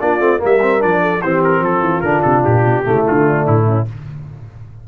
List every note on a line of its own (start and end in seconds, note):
0.00 0.19 A#3
0.00 0.20 D4
0.00 0.41 F4
0.00 0.41 D5
0.19 0.39 A3
0.19 0.38 C4
0.38 0.83 G3
0.38 0.59 A#3
0.38 1.01 A#4
0.45 0.82 E5
0.61 0.79 C4
0.79 1.22 F3
0.79 1.20 D4
0.79 1.21 D5
1.02 1.22 A4
1.21 1.60 E3
1.21 2.03 C4
1.21 1.63 G4
1.21 1.42 C5
1.44 1.64 A#4
1.60 1.80 F3
1.60 2.85 F4
1.60 2.01 A4
1.80 2.00 E3
2.01 2.23 D3
2.01 2.84 D4
2.01 2.21 A#4
2.22 2.44 C3
2.22 2.42 A4
2.44 2.65 A#2
2.44 3.05 G4
2.65 2.85 B2
2.84 3.06 C#3
2.84 3.85 A3
2.84 3.24 E4
3.07 3.47 D3
3.07 3.47 F4
3.24 3.64 D4
3.47 3.87 A2
3.47 3.87 E4
3.66 3.86 C#4